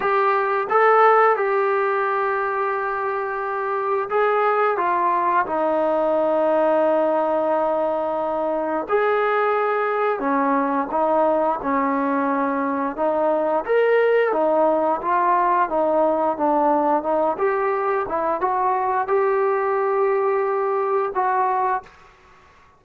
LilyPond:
\new Staff \with { instrumentName = "trombone" } { \time 4/4 \tempo 4 = 88 g'4 a'4 g'2~ | g'2 gis'4 f'4 | dis'1~ | dis'4 gis'2 cis'4 |
dis'4 cis'2 dis'4 | ais'4 dis'4 f'4 dis'4 | d'4 dis'8 g'4 e'8 fis'4 | g'2. fis'4 | }